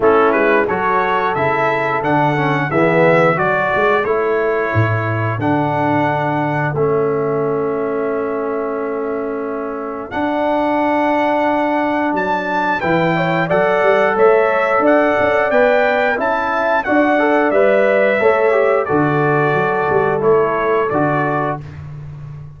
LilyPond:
<<
  \new Staff \with { instrumentName = "trumpet" } { \time 4/4 \tempo 4 = 89 a'8 b'8 cis''4 e''4 fis''4 | e''4 d''4 cis''2 | fis''2 e''2~ | e''2. fis''4~ |
fis''2 a''4 g''4 | fis''4 e''4 fis''4 g''4 | a''4 fis''4 e''2 | d''2 cis''4 d''4 | }
  \new Staff \with { instrumentName = "horn" } { \time 4/4 e'4 a'2. | gis'4 a'2.~ | a'1~ | a'1~ |
a'2. b'8 cis''8 | d''4 cis''4 d''2 | e''4 d''2 cis''4 | a'1 | }
  \new Staff \with { instrumentName = "trombone" } { \time 4/4 cis'4 fis'4 e'4 d'8 cis'8 | b4 fis'4 e'2 | d'2 cis'2~ | cis'2. d'4~ |
d'2. e'4 | a'2. b'4 | e'4 fis'8 a'8 b'4 a'8 g'8 | fis'2 e'4 fis'4 | }
  \new Staff \with { instrumentName = "tuba" } { \time 4/4 a8 gis8 fis4 cis4 d4 | e4 fis8 gis8 a4 a,4 | d2 a2~ | a2. d'4~ |
d'2 fis4 e4 | fis8 g8 a4 d'8 cis'8 b4 | cis'4 d'4 g4 a4 | d4 fis8 g8 a4 d4 | }
>>